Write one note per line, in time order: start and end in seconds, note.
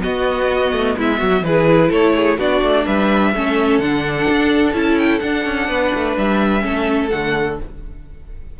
0.00 1.42 B3
0.00 0.72 B3
0.00 0.97 F#4
0.00 0.97 D#5
0.72 0.95 A3
0.97 1.21 G#3
0.97 1.18 E4
0.97 1.44 E5
1.18 1.42 F#3
1.18 1.42 F#4
1.42 1.89 E3
1.42 2.39 E4
1.42 1.89 G#4
1.42 1.92 B4
1.89 2.38 A3
1.89 2.13 A4
1.89 2.39 C#5
2.16 2.38 G#4
2.38 2.62 B3
2.38 3.34 D4
2.38 2.85 F#4
2.38 2.86 D5
2.62 2.86 A3
2.85 3.34 G3
2.85 3.32 B4
2.85 3.79 E5
3.34 3.79 A3
3.34 3.82 C#4
3.34 5.69 A4
3.79 4.26 D3
3.79 4.74 D4
3.79 4.74 F#5
4.28 4.73 D4
4.73 5.20 C#4
4.73 5.21 E4
4.73 4.99 A5
4.99 5.19 G5
5.19 6.60 D4
5.19 5.45 D4
5.19 6.14 F#5
5.45 5.68 C#4
5.68 5.92 B3
5.68 6.63 B4
5.94 6.17 A3
6.17 6.64 G3
6.17 7.10 E5
6.60 7.11 A3
6.60 7.08 C#4
6.60 7.60 A4
7.10 7.60 D3
7.10 7.59 A3
7.10 7.57 F#5